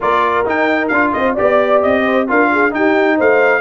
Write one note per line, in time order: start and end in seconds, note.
0.00 0.45 A#3
0.00 0.45 F4
0.00 1.13 A#4
0.00 0.47 D5
0.45 0.90 D#4
0.45 0.91 D#4
0.45 0.87 G5
0.87 1.13 D4
0.87 1.36 F4
0.87 1.10 F5
1.12 1.38 C4
1.12 1.33 C5
1.12 1.35 D#5
1.33 1.84 B3
1.33 2.27 G4
1.33 2.02 D5
1.33 1.82 D5
1.82 2.30 C4
1.82 2.27 D#5
2.05 2.27 C5
2.27 2.74 D4
2.27 2.71 F4
2.27 2.51 A#4
2.27 2.74 F5
2.52 2.75 G#4
2.71 3.61 D#4
2.71 3.20 D#4
2.71 3.17 G4
2.71 3.19 G5
3.17 3.61 A3
3.17 3.61 C5
3.17 3.61 F5